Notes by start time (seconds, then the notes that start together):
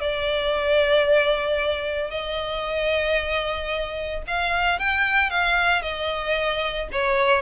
0.00 D5
2.10 D#5
4.27 F5
4.79 G5
5.30 F5
5.82 D#5
6.91 C#5